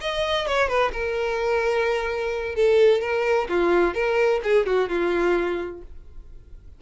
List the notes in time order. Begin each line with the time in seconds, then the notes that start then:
0.00 D#5
0.47 C#5
0.68 B4
0.92 A#4
2.55 A4
3.01 A#4
3.48 F4
3.94 A#4
4.43 G#4
4.66 F#4
4.88 F4